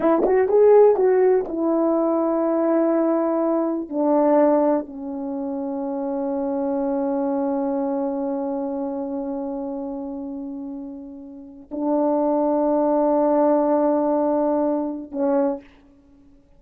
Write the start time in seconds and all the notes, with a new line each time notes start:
0.00 E4
0.25 F#4
0.48 G#4
0.96 F#4
1.47 E4
3.89 D4
4.86 C#4
11.71 D4
15.11 C#4